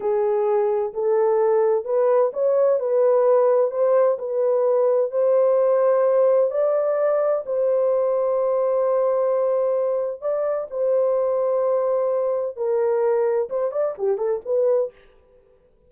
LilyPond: \new Staff \with { instrumentName = "horn" } { \time 4/4 \tempo 4 = 129 gis'2 a'2 | b'4 cis''4 b'2 | c''4 b'2 c''4~ | c''2 d''2 |
c''1~ | c''2 d''4 c''4~ | c''2. ais'4~ | ais'4 c''8 d''8 g'8 a'8 b'4 | }